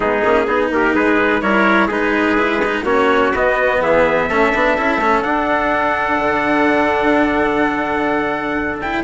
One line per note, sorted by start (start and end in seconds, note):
0.00 0.23 G#3
0.00 0.22 B3
0.00 0.47 D#4
0.00 0.69 G#4
0.24 0.47 A#3
0.24 0.47 C#4
0.47 0.70 B3
0.47 1.41 D#4
0.47 0.71 G#4
0.70 0.94 A#3
0.70 0.94 G4
0.70 0.95 A#4
0.94 1.42 G#3
0.94 1.42 G#4
0.94 1.41 B4
1.41 1.89 G3
1.41 1.89 E4
1.41 1.87 A#4
1.41 1.89 C#5
1.87 2.83 G#3
1.87 2.38 D#4
1.87 2.82 G#4
1.87 2.84 B4
2.38 2.62 E4
2.65 2.85 D#4
2.83 3.31 A#3
2.83 3.32 C#4
2.83 3.79 F#4
2.83 3.32 C#5
3.33 3.80 B3
3.33 4.30 B3
3.33 3.82 D#5
3.80 4.27 E3
3.80 4.28 G#4
3.80 5.22 E5
4.28 4.52 A3
4.28 4.54 C#4
4.28 9.03 A4
4.54 4.77 B3
4.54 4.77 D4
4.77 4.97 C#4
4.77 5.01 E4
4.97 5.21 A3
4.97 5.24 C#4
5.22 8.81 D4
5.22 6.18 D4
5.22 8.79 F#5
6.18 9.03 D3
8.80 9.03 E4
8.80 9.03 G5